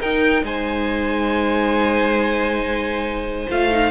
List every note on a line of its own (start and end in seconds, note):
0.00 0.42 D#4
0.00 3.50 D#4
0.00 0.43 A#4
0.00 0.45 G5
0.42 3.46 G#3
0.42 3.91 C5
0.42 3.49 G#5
3.50 3.91 A3
3.50 3.71 F4
3.50 3.91 F5
3.71 3.91 D#4